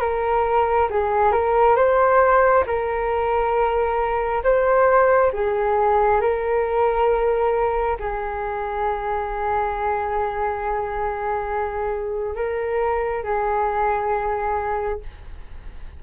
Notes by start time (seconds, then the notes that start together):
0.00 A#4
0.90 G#4
1.32 A#4
1.76 C5
2.66 A#4
4.43 C5
5.32 G#4
6.20 A#4
7.99 G#4
12.35 A#4
13.23 G#4